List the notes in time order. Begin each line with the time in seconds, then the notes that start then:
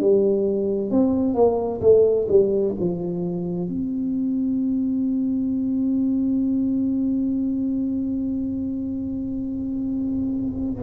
0.00 G3
0.90 C4
1.34 A#3
1.81 A3
2.28 G3
2.79 F3
3.68 C4